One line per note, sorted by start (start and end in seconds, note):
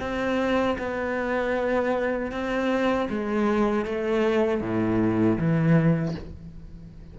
0.00 0.77 C4
0.79 2.32 B3
2.32 3.09 C4
3.10 3.85 G#3
3.85 4.61 A3
4.61 5.38 A2
5.38 6.15 E3